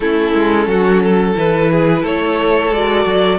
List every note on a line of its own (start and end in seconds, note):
0.00 0.33 A3
0.00 1.35 C#4
0.00 0.68 E4
0.00 1.35 A4
0.33 0.67 G#3
0.67 1.35 F#3
0.67 1.02 F#4
1.03 1.71 A4
1.35 2.03 E3
1.35 2.71 E4
1.35 2.06 B4
1.71 2.02 G#4
2.02 2.71 A3
2.02 3.38 A4
2.02 2.73 C#5
2.71 3.05 G#3
2.71 3.39 F#4
2.71 3.39 D5
3.06 3.39 F#3